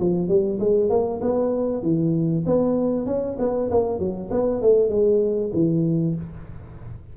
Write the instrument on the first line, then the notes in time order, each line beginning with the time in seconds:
tuba
0.00 F3
0.29 G3
0.60 G#3
0.90 A#3
1.21 B3
1.83 E3
2.47 B3
3.07 C#4
3.40 B3
3.71 A#3
4.00 F#3
4.32 B3
4.62 A3
4.90 G#3
5.54 E3